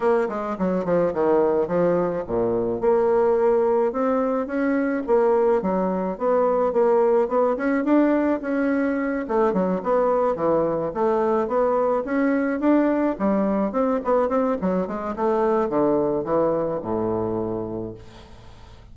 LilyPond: \new Staff \with { instrumentName = "bassoon" } { \time 4/4 \tempo 4 = 107 ais8 gis8 fis8 f8 dis4 f4 | ais,4 ais2 c'4 | cis'4 ais4 fis4 b4 | ais4 b8 cis'8 d'4 cis'4~ |
cis'8 a8 fis8 b4 e4 a8~ | a8 b4 cis'4 d'4 g8~ | g8 c'8 b8 c'8 fis8 gis8 a4 | d4 e4 a,2 | }